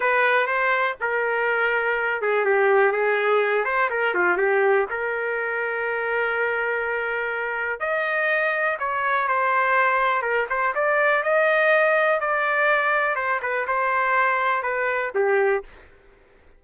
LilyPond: \new Staff \with { instrumentName = "trumpet" } { \time 4/4 \tempo 4 = 123 b'4 c''4 ais'2~ | ais'8 gis'8 g'4 gis'4. c''8 | ais'8 f'8 g'4 ais'2~ | ais'1 |
dis''2 cis''4 c''4~ | c''4 ais'8 c''8 d''4 dis''4~ | dis''4 d''2 c''8 b'8 | c''2 b'4 g'4 | }